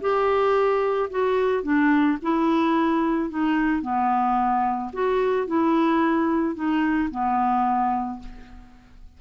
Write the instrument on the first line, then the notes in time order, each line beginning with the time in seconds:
clarinet
0.00 G4
1.10 F#4
1.63 D4
2.22 E4
3.29 D#4
3.82 B3
4.93 F#4
5.47 E4
6.55 D#4
7.10 B3